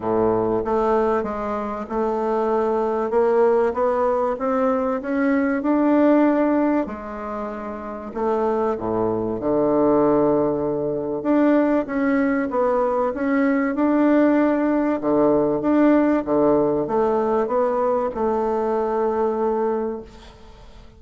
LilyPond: \new Staff \with { instrumentName = "bassoon" } { \time 4/4 \tempo 4 = 96 a,4 a4 gis4 a4~ | a4 ais4 b4 c'4 | cis'4 d'2 gis4~ | gis4 a4 a,4 d4~ |
d2 d'4 cis'4 | b4 cis'4 d'2 | d4 d'4 d4 a4 | b4 a2. | }